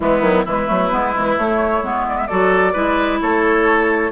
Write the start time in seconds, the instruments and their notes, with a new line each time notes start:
0.00 bassoon E3, clarinet G#3, oboe B3, flute E4
0.20 bassoon D#3, clarinet F#3
0.44 bassoon E3, clarinet G#3, oboe E4, flute B4
0.66 bassoon F#3, clarinet A3
0.91 bassoon G#3, clarinet B3
1.12 bassoon E3, clarinet G#3
1.37 clarinet A3, bassoon A3, flute C#5
1.82 bassoon G#3, clarinet B3
2.08 flute D5
2.17 flute E5
2.27 bassoon F#3, clarinet F#4, oboe A4, flute D5
2.73 bassoon G#3, clarinet E4, oboe B4
3.21 bassoon A3, oboe A4, flute C#5